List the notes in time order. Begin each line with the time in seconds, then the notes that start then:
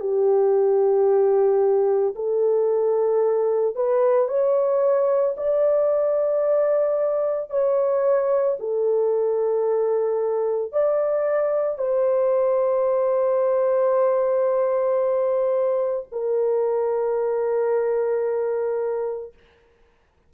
0.00 G4
2.15 A4
3.75 B4
4.28 C#5
5.37 D5
7.50 C#5
8.59 A4
10.72 D5
11.78 C5
16.12 A#4